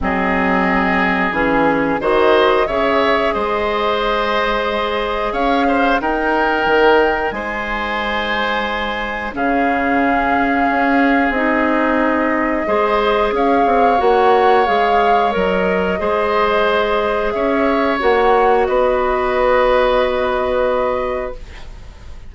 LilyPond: <<
  \new Staff \with { instrumentName = "flute" } { \time 4/4 \tempo 4 = 90 dis''2 gis'4 dis''4 | e''4 dis''2. | f''4 g''2 gis''4~ | gis''2 f''2~ |
f''4 dis''2. | f''4 fis''4 f''4 dis''4~ | dis''2 e''4 fis''4 | dis''1 | }
  \new Staff \with { instrumentName = "oboe" } { \time 4/4 gis'2. c''4 | cis''4 c''2. | cis''8 c''8 ais'2 c''4~ | c''2 gis'2~ |
gis'2. c''4 | cis''1 | c''2 cis''2 | b'1 | }
  \new Staff \with { instrumentName = "clarinet" } { \time 4/4 c'2 cis'4 fis'4 | gis'1~ | gis'4 dis'2.~ | dis'2 cis'2~ |
cis'4 dis'2 gis'4~ | gis'4 fis'4 gis'4 ais'4 | gis'2. fis'4~ | fis'1 | }
  \new Staff \with { instrumentName = "bassoon" } { \time 4/4 fis2 e4 dis4 | cis4 gis2. | cis'4 dis'4 dis4 gis4~ | gis2 cis2 |
cis'4 c'2 gis4 | cis'8 c'8 ais4 gis4 fis4 | gis2 cis'4 ais4 | b1 | }
>>